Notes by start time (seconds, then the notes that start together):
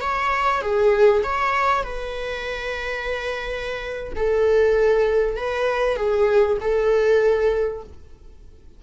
0.00 C#5
0.61 G#4
1.23 C#5
1.83 B4
4.16 A4
5.36 B4
5.96 G#4
6.60 A4